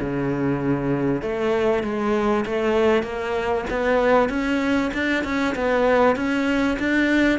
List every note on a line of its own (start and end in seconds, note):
0.00 1.22 C#3
1.22 1.83 A3
1.83 2.45 G#3
2.45 3.03 A3
3.03 3.64 A#3
3.70 4.29 B3
4.29 4.91 C#4
4.93 5.24 D4
5.24 5.54 C#4
5.55 6.15 B3
6.15 6.77 C#4
6.79 7.39 D4